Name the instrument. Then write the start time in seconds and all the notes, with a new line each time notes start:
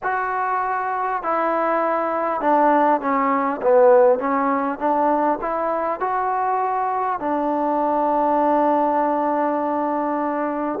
trombone
0.02 F#4
1.22 E4
2.40 D4
3.01 C#4
3.62 B3
4.19 C#4
4.78 D4
5.41 E4
5.99 F#4
7.19 D4